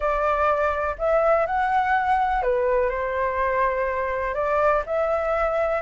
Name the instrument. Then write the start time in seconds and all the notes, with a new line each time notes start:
flute
0.00 D5
0.98 E5
1.46 F#5
2.42 B4
2.89 C5
4.34 D5
4.86 E5